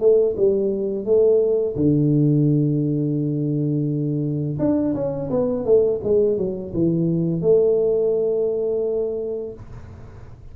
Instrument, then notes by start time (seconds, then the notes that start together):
tuba
0.00 A3
0.37 G3
1.05 A3
1.76 D3
4.59 D4
4.95 C#4
5.31 B3
5.65 A3
6.04 G#3
6.38 F#3
6.74 E3
7.42 A3